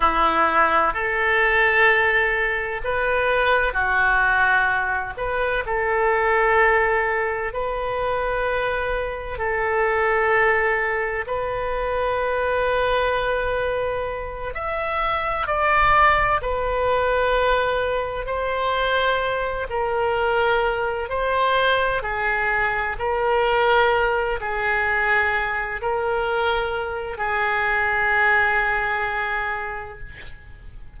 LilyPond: \new Staff \with { instrumentName = "oboe" } { \time 4/4 \tempo 4 = 64 e'4 a'2 b'4 | fis'4. b'8 a'2 | b'2 a'2 | b'2.~ b'8 e''8~ |
e''8 d''4 b'2 c''8~ | c''4 ais'4. c''4 gis'8~ | gis'8 ais'4. gis'4. ais'8~ | ais'4 gis'2. | }